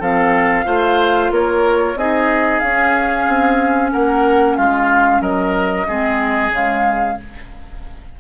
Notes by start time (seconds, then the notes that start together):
0.00 F3 C4 A4 F5
0.65 A3 F4 C5
1.31 A#3 A#4 C#5
1.95 C4 D#4 G#4 D#5
2.60 C#4 F5
3.28 C4
3.92 A#3 A#4 F#5
4.56 G#3 F4 F5
5.21 F#3 A#4 D#5
5.88 G#3 C4 G#4
6.50 C#3 G#3 F5